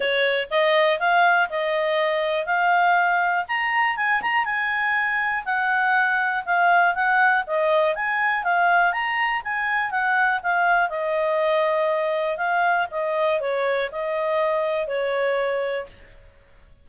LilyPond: \new Staff \with { instrumentName = "clarinet" } { \time 4/4 \tempo 4 = 121 cis''4 dis''4 f''4 dis''4~ | dis''4 f''2 ais''4 | gis''8 ais''8 gis''2 fis''4~ | fis''4 f''4 fis''4 dis''4 |
gis''4 f''4 ais''4 gis''4 | fis''4 f''4 dis''2~ | dis''4 f''4 dis''4 cis''4 | dis''2 cis''2 | }